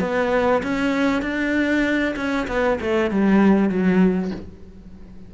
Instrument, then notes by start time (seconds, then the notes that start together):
cello
0.00 B3
0.63 C#4
1.22 D4
2.16 C#4
2.48 B3
2.81 A3
3.11 G3
3.69 F#3